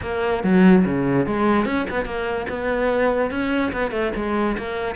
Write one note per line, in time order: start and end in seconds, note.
0.02 0.43 A#3
0.43 0.84 F#3
0.85 1.26 C#3
1.26 1.65 G#3
1.65 1.86 C#4
1.90 2.05 B3
2.05 2.46 A#3
2.49 3.30 B3
3.30 3.72 C#4
3.72 3.91 B3
3.91 4.11 A3
4.15 4.57 G#3
4.58 4.95 A#3